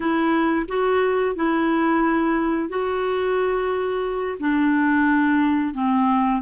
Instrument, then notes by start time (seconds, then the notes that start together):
clarinet
0.00 E4
0.68 F#4
1.35 E4
2.69 F#4
4.39 D4
5.74 C4